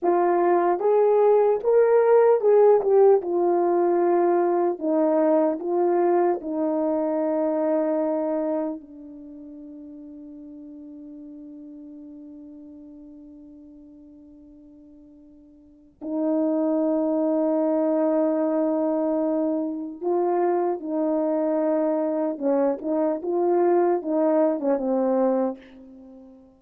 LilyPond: \new Staff \with { instrumentName = "horn" } { \time 4/4 \tempo 4 = 75 f'4 gis'4 ais'4 gis'8 g'8 | f'2 dis'4 f'4 | dis'2. d'4~ | d'1~ |
d'1 | dis'1~ | dis'4 f'4 dis'2 | cis'8 dis'8 f'4 dis'8. cis'16 c'4 | }